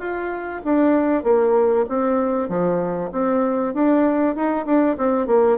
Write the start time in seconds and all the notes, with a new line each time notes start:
0.00 F4
0.65 D4
1.24 A#3
1.90 C4
2.49 F3
3.12 C4
3.75 D4
4.36 D#4
4.66 D4
4.98 C4
5.27 A#3